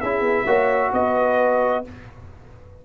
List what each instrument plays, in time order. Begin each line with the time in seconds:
0.00 tuba C#4, trombone E4, horn G#4, trumpet E5
0.21 tuba B3
0.45 tuba A#3, trombone F#4, horn C#5
0.93 tuba B3, horn B4, trumpet D#5